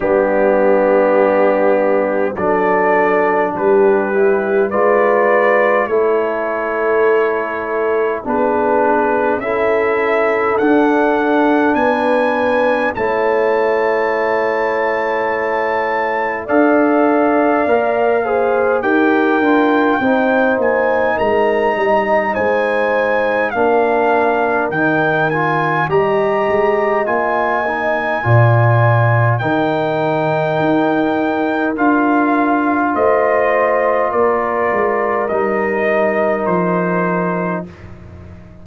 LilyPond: <<
  \new Staff \with { instrumentName = "trumpet" } { \time 4/4 \tempo 4 = 51 g'2 d''4 b'4 | d''4 cis''2 b'4 | e''4 fis''4 gis''4 a''4~ | a''2 f''2 |
g''4. gis''8 ais''4 gis''4 | f''4 g''8 gis''8 ais''4 gis''4~ | gis''4 g''2 f''4 | dis''4 d''4 dis''4 c''4 | }
  \new Staff \with { instrumentName = "horn" } { \time 4/4 d'2 a'4 g'4 | b'4 a'2 gis'4 | a'2 b'4 cis''4~ | cis''2 d''4. c''8 |
ais'4 c''4 ais'8 dis''8 c''4 | ais'2 dis''2 | d''4 ais'2. | c''4 ais'2. | }
  \new Staff \with { instrumentName = "trombone" } { \time 4/4 b2 d'4. e'8 | f'4 e'2 d'4 | e'4 d'2 e'4~ | e'2 a'4 ais'8 gis'8 |
g'8 f'8 dis'2. | d'4 dis'8 f'8 g'4 f'8 dis'8 | f'4 dis'2 f'4~ | f'2 dis'2 | }
  \new Staff \with { instrumentName = "tuba" } { \time 4/4 g2 fis4 g4 | gis4 a2 b4 | cis'4 d'4 b4 a4~ | a2 d'4 ais4 |
dis'8 d'8 c'8 ais8 gis8 g8 gis4 | ais4 dis4 g8 gis8 ais4 | ais,4 dis4 dis'4 d'4 | a4 ais8 gis8 g4 f4 | }
>>